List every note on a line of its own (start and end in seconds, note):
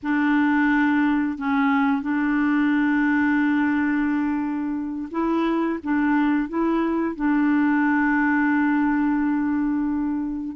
0.02 1.38 D4
1.38 2.02 C#4
2.02 5.09 D4
5.11 5.79 E4
5.83 6.48 D4
6.48 7.15 E4
7.15 10.56 D4